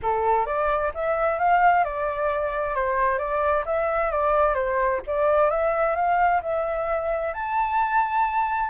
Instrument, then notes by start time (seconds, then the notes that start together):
flute
0.02 A4
0.46 D5
0.94 E5
1.38 F5
1.84 D5
2.75 C5
3.18 D5
3.65 E5
4.11 D5
4.54 C5
5.06 D5
5.50 E5
5.95 F5
6.42 E5
7.33 A5